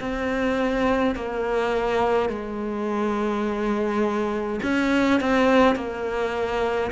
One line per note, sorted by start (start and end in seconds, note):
0.00 1.15 C4
1.15 2.30 A#3
2.30 4.60 G#3
4.63 5.21 C#4
5.21 5.76 C4
5.76 6.91 A#3